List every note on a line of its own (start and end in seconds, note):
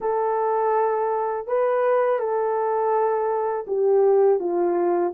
0.00 1.47 A4
1.47 2.19 B4
2.19 3.65 A4
3.67 4.39 G4
4.39 5.12 F4